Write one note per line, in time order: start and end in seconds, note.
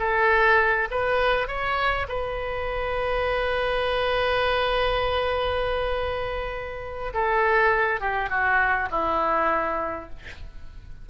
0.00 0.89 A4
0.92 1.48 B4
1.48 2.07 C#5
2.09 7.14 B4
7.14 8.01 A4
8.01 8.30 G4
8.30 8.89 F#4
8.91 10.10 E4